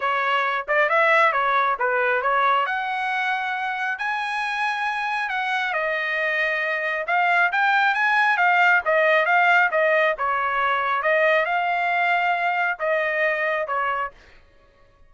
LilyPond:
\new Staff \with { instrumentName = "trumpet" } { \time 4/4 \tempo 4 = 136 cis''4. d''8 e''4 cis''4 | b'4 cis''4 fis''2~ | fis''4 gis''2. | fis''4 dis''2. |
f''4 g''4 gis''4 f''4 | dis''4 f''4 dis''4 cis''4~ | cis''4 dis''4 f''2~ | f''4 dis''2 cis''4 | }